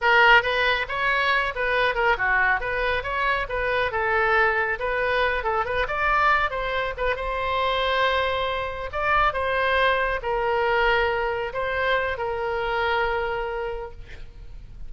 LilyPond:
\new Staff \with { instrumentName = "oboe" } { \time 4/4 \tempo 4 = 138 ais'4 b'4 cis''4. b'8~ | b'8 ais'8 fis'4 b'4 cis''4 | b'4 a'2 b'4~ | b'8 a'8 b'8 d''4. c''4 |
b'8 c''2.~ c''8~ | c''8 d''4 c''2 ais'8~ | ais'2~ ais'8 c''4. | ais'1 | }